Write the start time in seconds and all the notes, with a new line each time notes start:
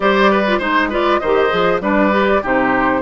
0.00 G3 G4 C5 D5
0.31 B4
0.46 F4
0.58 G#3 D#4 C5
0.89 F4 B4 D5
1.19 D#3 C5 D#5
1.25 G4
1.49 F3 G#4
1.80 G3 D4 B4 D5
2.11 G4
2.42 C3 D#4 G4 C5